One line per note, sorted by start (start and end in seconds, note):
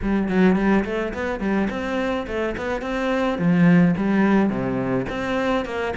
0.02 0.28 G3
0.28 0.56 F#3
0.56 0.84 G3
0.84 1.13 A3
1.13 1.40 B3
1.40 1.68 G3
1.70 2.26 C4
2.27 2.55 A3
2.57 2.81 B3
2.81 3.38 C4
3.38 3.94 F3
3.96 4.49 G3
4.49 5.06 C3
5.09 5.65 C4
5.65 5.93 A#3